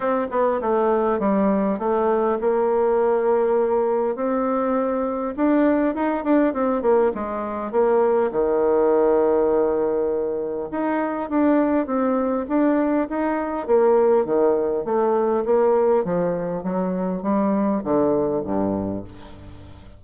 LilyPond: \new Staff \with { instrumentName = "bassoon" } { \time 4/4 \tempo 4 = 101 c'8 b8 a4 g4 a4 | ais2. c'4~ | c'4 d'4 dis'8 d'8 c'8 ais8 | gis4 ais4 dis2~ |
dis2 dis'4 d'4 | c'4 d'4 dis'4 ais4 | dis4 a4 ais4 f4 | fis4 g4 d4 g,4 | }